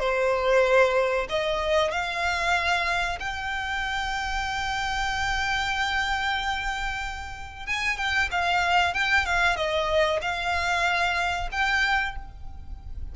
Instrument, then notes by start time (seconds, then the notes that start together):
violin
0.00 C5
1.29 D#5
1.91 F5
3.20 G5
7.67 G#5
7.98 G5
8.32 F5
8.94 G5
9.26 F5
9.57 D#5
10.22 F5
11.52 G5